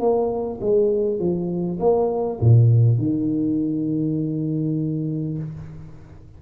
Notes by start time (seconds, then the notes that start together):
0.00 A#3
0.61 G#3
1.19 F3
1.80 A#3
2.41 A#2
2.98 D#3